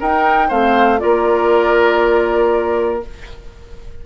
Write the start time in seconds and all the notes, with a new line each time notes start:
0.00 D#4 A#4 G5
0.49 A3 C4 C5 F5
0.99 A#3 F4 A#4 D5